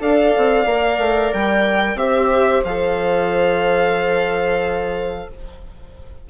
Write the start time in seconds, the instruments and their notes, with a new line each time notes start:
0.00 bassoon D4, viola A4, horn D5, violin F5
0.37 bassoon C4
0.65 bassoon A#3, viola A#4
0.98 bassoon A3
1.33 bassoon G3, violin G5
1.95 bassoon C4, viola G4, horn C5, violin E5
2.64 bassoon F3, viola A4, violin F5